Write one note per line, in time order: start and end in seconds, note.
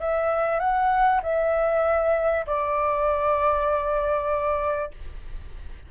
0.00 0.60 E5
0.60 1.21 F#5
1.23 2.46 E5
2.47 4.91 D5